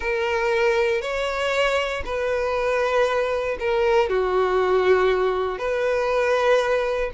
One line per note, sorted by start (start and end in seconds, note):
0.00 1.01 A#4
1.01 2.03 C#5
2.05 3.57 B4
3.59 4.09 A#4
4.09 5.58 F#4
5.58 7.10 B4